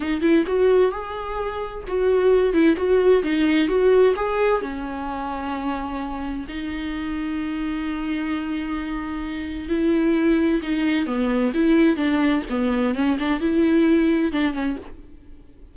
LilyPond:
\new Staff \with { instrumentName = "viola" } { \time 4/4 \tempo 4 = 130 dis'8 e'8 fis'4 gis'2 | fis'4. e'8 fis'4 dis'4 | fis'4 gis'4 cis'2~ | cis'2 dis'2~ |
dis'1~ | dis'4 e'2 dis'4 | b4 e'4 d'4 b4 | cis'8 d'8 e'2 d'8 cis'8 | }